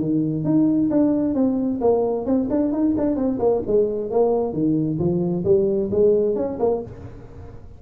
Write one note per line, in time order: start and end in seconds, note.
0.00 0.44 D#3
0.44 0.90 D#4
0.91 1.35 D4
1.35 1.80 C4
1.81 2.26 A#3
2.26 2.49 C4
2.50 2.73 D4
2.73 2.95 D#4
2.97 3.16 D4
3.16 3.39 C4
3.39 3.62 A#3
3.67 4.11 G#3
4.11 4.53 A#3
4.53 4.99 D#3
4.99 5.44 F3
5.45 5.90 G3
5.91 6.36 G#3
6.36 6.58 C#4
6.60 6.82 A#3